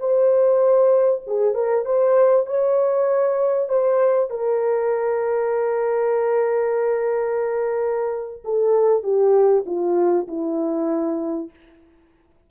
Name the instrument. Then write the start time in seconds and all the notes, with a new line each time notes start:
horn
0.00 C5
1.27 G#4
1.55 A#4
1.85 C5
2.47 C#5
3.69 C5
4.30 A#4
8.45 A4
9.03 G4
9.66 F4
10.28 E4